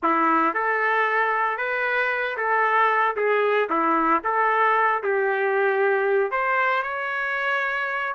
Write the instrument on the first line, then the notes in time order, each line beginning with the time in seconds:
trumpet
0.02 E4
0.54 A4
1.57 B4
2.37 A4
3.16 G#4
3.69 E4
4.23 A4
5.03 G4
6.31 C5
6.83 C#5